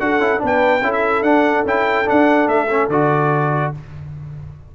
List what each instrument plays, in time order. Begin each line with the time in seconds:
0.00 tuba D4, trombone F#4, horn A4, trumpet F#5
0.19 tuba C#4, trombone E4
0.39 tuba B3, trombone D4, horn B4
0.46 trumpet G5
0.82 tuba C#4, trombone E4, horn A4
0.93 trumpet E5
1.22 tuba D4, trombone D4, trumpet F#5
1.65 tuba C#4, trombone E4, trumpet G5
2.06 trombone D4, tuba D4, trumpet F#5
2.47 tuba A3, trumpet E5
2.70 trombone C#4
2.89 tuba D3, trombone F#4, trumpet D5